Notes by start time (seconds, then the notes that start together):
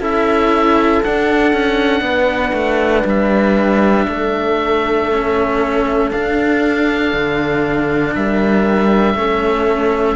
0.00 C#4 E4 A4 E5
1.04 D4 F#5
1.53 C#4
2.01 B3 B4
2.53 A3
3.06 G3 E5
4.09 A3 A4
5.12 C#4
6.11 D4 F5
7.14 D3
8.15 G3 A#4 E5
9.14 A3 C#4 A4